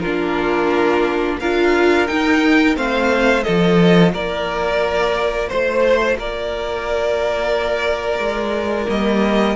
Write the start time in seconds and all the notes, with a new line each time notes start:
0.00 D4 F4 A#4
0.07 A#3
1.40 D4 F4 A#4 F5
2.07 D#4 G5
2.75 A3 C4 C5 F5
3.41 F4 A4 D#5
3.48 F3
4.13 A#3 A#4 D5
5.48 A3 C5
6.17 A#3 A#4 D5
8.19 G#3
8.86 G3 A#3 D#5